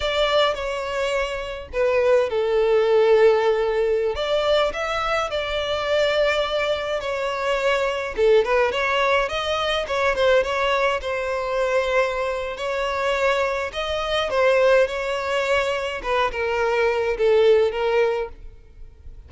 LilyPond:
\new Staff \with { instrumentName = "violin" } { \time 4/4 \tempo 4 = 105 d''4 cis''2 b'4 | a'2.~ a'16 d''8.~ | d''16 e''4 d''2~ d''8.~ | d''16 cis''2 a'8 b'8 cis''8.~ |
cis''16 dis''4 cis''8 c''8 cis''4 c''8.~ | c''2 cis''2 | dis''4 c''4 cis''2 | b'8 ais'4. a'4 ais'4 | }